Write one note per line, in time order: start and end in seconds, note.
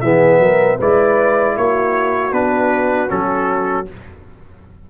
0.00 0.39 E3
0.00 0.80 B3
0.00 0.41 G#4
0.00 0.77 E5
0.39 0.78 F#3
0.39 0.78 A#4
0.78 1.57 G#3
0.78 2.32 E4
0.78 1.55 B4
0.78 1.57 D5
1.57 2.32 A#3
1.57 3.90 F#4
1.57 2.33 C#5
2.32 3.09 B3
2.32 3.08 D4
2.32 3.10 B4
3.08 3.88 F#3
3.08 3.85 C#4
3.08 3.87 A4